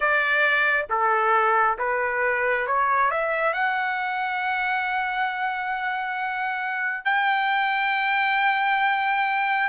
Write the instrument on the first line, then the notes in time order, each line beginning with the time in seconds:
trumpet
0.00 D5
0.89 A4
1.78 B4
2.66 C#5
3.10 E5
3.53 F#5
7.04 G5